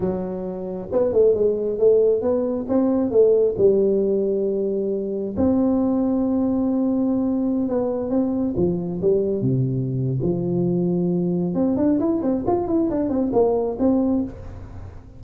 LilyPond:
\new Staff \with { instrumentName = "tuba" } { \time 4/4 \tempo 4 = 135 fis2 b8 a8 gis4 | a4 b4 c'4 a4 | g1 | c'1~ |
c'4~ c'16 b4 c'4 f8.~ | f16 g4 c4.~ c16 f4~ | f2 c'8 d'8 e'8 c'8 | f'8 e'8 d'8 c'8 ais4 c'4 | }